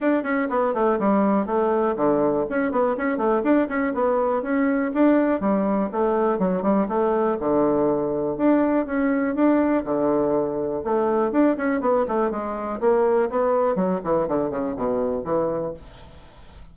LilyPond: \new Staff \with { instrumentName = "bassoon" } { \time 4/4 \tempo 4 = 122 d'8 cis'8 b8 a8 g4 a4 | d4 cis'8 b8 cis'8 a8 d'8 cis'8 | b4 cis'4 d'4 g4 | a4 fis8 g8 a4 d4~ |
d4 d'4 cis'4 d'4 | d2 a4 d'8 cis'8 | b8 a8 gis4 ais4 b4 | fis8 e8 d8 cis8 b,4 e4 | }